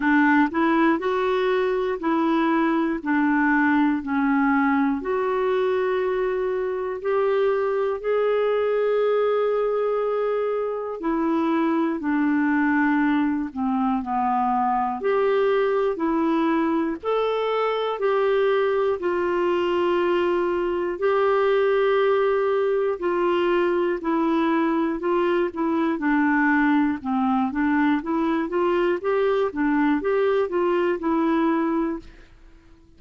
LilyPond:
\new Staff \with { instrumentName = "clarinet" } { \time 4/4 \tempo 4 = 60 d'8 e'8 fis'4 e'4 d'4 | cis'4 fis'2 g'4 | gis'2. e'4 | d'4. c'8 b4 g'4 |
e'4 a'4 g'4 f'4~ | f'4 g'2 f'4 | e'4 f'8 e'8 d'4 c'8 d'8 | e'8 f'8 g'8 d'8 g'8 f'8 e'4 | }